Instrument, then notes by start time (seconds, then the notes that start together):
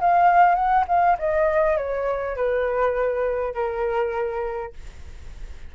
flute
0.00 F5
0.55 F#5
0.87 F5
1.18 D#5
1.77 C#5
2.36 B4
3.54 A#4